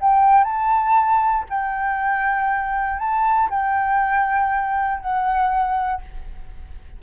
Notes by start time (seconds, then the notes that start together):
0.00 G5
0.44 A5
1.50 G5
2.99 A5
3.50 G5
5.01 F#5